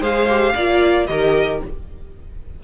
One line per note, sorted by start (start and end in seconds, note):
0.00 0.54 G#3
0.00 0.27 G#4
0.00 0.53 C5
0.00 1.06 F5
0.29 0.55 G4
0.55 1.08 A#3
0.55 1.08 F4
0.55 1.08 D5
1.06 1.61 D#3
1.06 1.61 G4
1.06 1.63 A#4
1.06 1.59 D#5